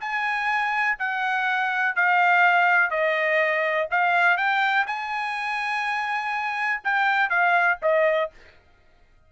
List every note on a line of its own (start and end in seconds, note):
0.00 0.98 G#5
0.99 1.96 F#5
1.96 2.90 F5
2.90 3.88 D#5
3.91 4.37 F5
4.37 4.86 G5
4.87 6.82 G#5
6.84 7.29 G5
7.29 7.78 F5
7.82 8.31 D#5